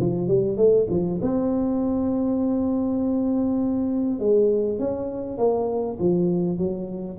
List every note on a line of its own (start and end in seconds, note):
0.00 0.28 F3
0.28 0.57 G3
0.57 0.87 A3
0.90 1.20 F3
1.22 4.20 C4
4.20 4.79 G#3
4.79 5.38 C#4
5.38 5.98 A#3
6.00 6.58 F3
6.58 7.18 F#3